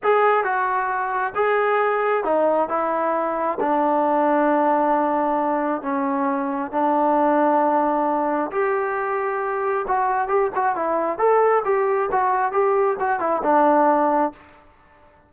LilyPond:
\new Staff \with { instrumentName = "trombone" } { \time 4/4 \tempo 4 = 134 gis'4 fis'2 gis'4~ | gis'4 dis'4 e'2 | d'1~ | d'4 cis'2 d'4~ |
d'2. g'4~ | g'2 fis'4 g'8 fis'8 | e'4 a'4 g'4 fis'4 | g'4 fis'8 e'8 d'2 | }